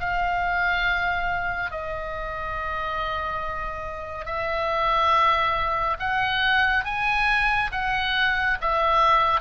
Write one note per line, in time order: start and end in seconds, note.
0.00 1.71 F5
1.71 4.26 D#5
4.26 5.97 E5
6.00 6.85 F#5
6.85 7.71 G#5
7.72 8.58 F#5
8.61 9.41 E5